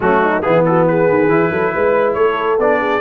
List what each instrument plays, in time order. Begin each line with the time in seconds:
0.00 tuba F#3, trombone A3, horn C#4, trumpet F#4
0.21 horn D#4
0.41 tuba E3, trombone B3, horn E4, trumpet G#4
0.65 horn F#4, trumpet A4
0.87 horn G#4, trumpet B4
1.08 tuba D#3
1.27 tuba E3, trombone E4
1.50 tuba F#3, horn A4
1.73 tuba G#3, horn B4
2.13 tuba A3, horn A4, trumpet C#5
2.58 tuba B3, trombone D4, trumpet D5
2.80 horn G#4